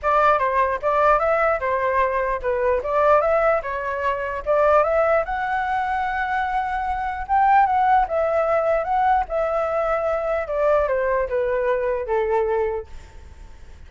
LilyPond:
\new Staff \with { instrumentName = "flute" } { \time 4/4 \tempo 4 = 149 d''4 c''4 d''4 e''4 | c''2 b'4 d''4 | e''4 cis''2 d''4 | e''4 fis''2.~ |
fis''2 g''4 fis''4 | e''2 fis''4 e''4~ | e''2 d''4 c''4 | b'2 a'2 | }